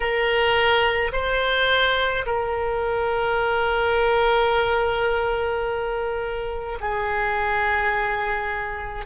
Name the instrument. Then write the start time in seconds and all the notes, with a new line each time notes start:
oboe
0.00 A#4
1.12 C5
2.26 A#4
6.80 G#4